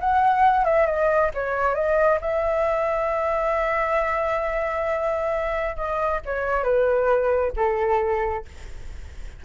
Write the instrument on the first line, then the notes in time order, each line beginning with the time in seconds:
flute
0.00 F#5
0.64 E5
0.86 D#5
1.34 C#5
1.74 D#5
2.21 E5
5.76 D#5
6.25 C#5
6.63 B4
7.56 A4